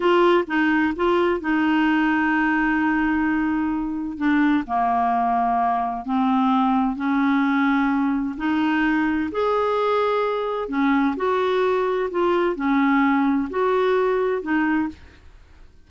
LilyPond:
\new Staff \with { instrumentName = "clarinet" } { \time 4/4 \tempo 4 = 129 f'4 dis'4 f'4 dis'4~ | dis'1~ | dis'4 d'4 ais2~ | ais4 c'2 cis'4~ |
cis'2 dis'2 | gis'2. cis'4 | fis'2 f'4 cis'4~ | cis'4 fis'2 dis'4 | }